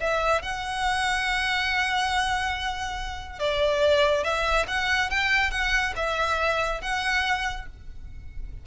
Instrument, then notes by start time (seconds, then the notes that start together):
violin
0.00 E5
0.42 F#5
3.39 D5
4.23 E5
4.68 F#5
5.10 G5
5.51 F#5
5.96 E5
6.81 F#5